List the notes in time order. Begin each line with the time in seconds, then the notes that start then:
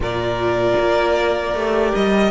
0.00 A#2 F4 A#4 D5
0.79 A#3
1.54 A3 G4
1.94 G3 D#5